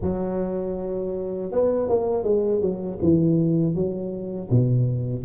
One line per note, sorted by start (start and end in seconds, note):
0.01 1.51 F#3
1.51 1.89 B3
1.89 2.23 A#3
2.23 2.61 G#3
2.61 2.98 F#3
3.01 3.74 E3
3.74 4.49 F#3
4.50 5.24 B2